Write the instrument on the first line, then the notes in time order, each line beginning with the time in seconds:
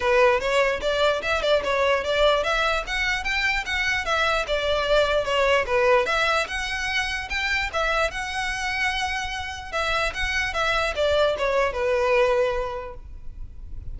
violin
0.00 B4
0.39 C#5
0.81 D5
1.22 E5
1.42 D5
1.64 C#5
2.04 D5
2.43 E5
2.86 F#5
3.24 G5
3.65 F#5
4.05 E5
4.47 D5
5.24 C#5
5.66 B4
6.06 E5
6.47 F#5
7.29 G5
7.73 E5
8.11 F#5
9.72 E5
10.14 F#5
10.53 E5
10.95 D5
11.37 C#5
11.72 B4